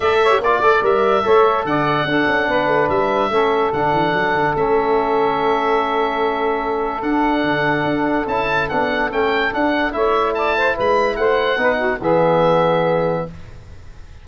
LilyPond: <<
  \new Staff \with { instrumentName = "oboe" } { \time 4/4 \tempo 4 = 145 e''4 d''4 e''2 | fis''2. e''4~ | e''4 fis''2 e''4~ | e''1~ |
e''4 fis''2. | a''4 fis''4 g''4 fis''4 | e''4 a''4 b''4 fis''4~ | fis''4 e''2. | }
  \new Staff \with { instrumentName = "saxophone" } { \time 4/4 d''8 cis''8 d''2 cis''4 | d''4 a'4 b'2 | a'1~ | a'1~ |
a'1~ | a'1 | cis''4 d''8 c''8 b'4 c''4 | b'8 fis'8 gis'2. | }
  \new Staff \with { instrumentName = "trombone" } { \time 4/4 a'8. g'16 f'8 a'8 ais'4 a'4~ | a'4 d'2. | cis'4 d'2 cis'4~ | cis'1~ |
cis'4 d'2. | e'4 d'4 cis'4 d'4 | e'1 | dis'4 b2. | }
  \new Staff \with { instrumentName = "tuba" } { \time 4/4 a4 ais8 a8 g4 a4 | d4 d'8 cis'8 b8 a8 g4 | a4 d8 e8 fis8 d8 a4~ | a1~ |
a4 d'4 d4 d'4 | cis'4 b4 a4 d'4 | a2 gis4 a4 | b4 e2. | }
>>